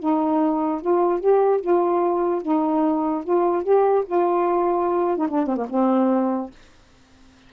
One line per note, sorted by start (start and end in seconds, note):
0.00 0.82 D#4
0.82 1.21 F4
1.21 1.61 G4
1.61 2.43 F4
2.43 3.24 D#4
3.25 3.64 F4
3.64 4.05 G4
4.06 5.18 F4
5.18 5.28 D#4
5.29 5.47 D4
5.47 5.57 C4
5.57 5.67 A#3
5.70 6.51 C4